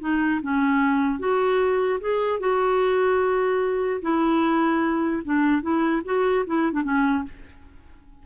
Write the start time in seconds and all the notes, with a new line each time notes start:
0.00 D#4
0.42 C#4
1.19 F#4
2.00 G#4
2.39 F#4
4.01 E4
5.24 D4
5.62 E4
6.05 F#4
6.46 E4
6.72 D4
6.83 C#4